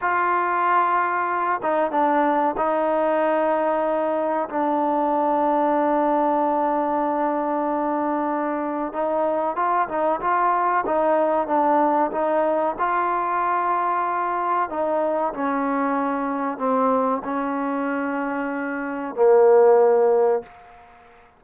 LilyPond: \new Staff \with { instrumentName = "trombone" } { \time 4/4 \tempo 4 = 94 f'2~ f'8 dis'8 d'4 | dis'2. d'4~ | d'1~ | d'2 dis'4 f'8 dis'8 |
f'4 dis'4 d'4 dis'4 | f'2. dis'4 | cis'2 c'4 cis'4~ | cis'2 ais2 | }